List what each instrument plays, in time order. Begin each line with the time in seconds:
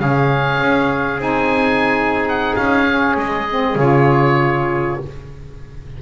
0.00 double bass C#3, saxophone C#4, trumpet G#4, oboe F5
0.61 double bass C#4
1.19 double bass C4, saxophone D#4, oboe G#5
2.29 oboe F#5
2.56 double bass C#4, oboe F5
2.86 saxophone C#4
3.16 double bass G#3, oboe D#5
3.50 saxophone C4
3.76 double bass C#3, saxophone F4, oboe C#5